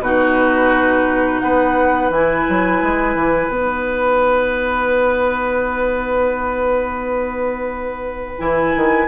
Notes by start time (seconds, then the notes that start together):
0.00 B2 D#4 F#4 B4
1.40 B3 B4 F#5
2.10 E3 E4 G#5
2.49 F#3
2.82 G#3
3.15 E3
3.48 B3 D#4 F#5
8.37 E3 E4 G#5
8.75 D#3